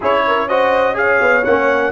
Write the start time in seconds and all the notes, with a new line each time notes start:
0.00 C#4 E4 G#4 C#5
0.27 A#4
0.48 F#4 C5 D#5
0.94 G#4 C#5 F5
1.21 B3
1.44 A#3 C#4 F#5